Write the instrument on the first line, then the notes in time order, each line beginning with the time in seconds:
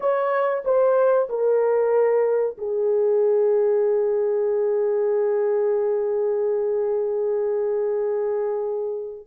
horn
0.00 C#5
0.64 C5
1.29 A#4
2.57 G#4